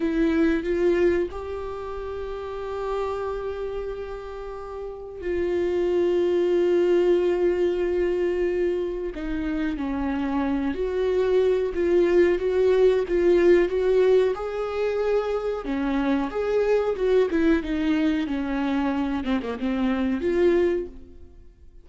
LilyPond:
\new Staff \with { instrumentName = "viola" } { \time 4/4 \tempo 4 = 92 e'4 f'4 g'2~ | g'1 | f'1~ | f'2 dis'4 cis'4~ |
cis'8 fis'4. f'4 fis'4 | f'4 fis'4 gis'2 | cis'4 gis'4 fis'8 e'8 dis'4 | cis'4. c'16 ais16 c'4 f'4 | }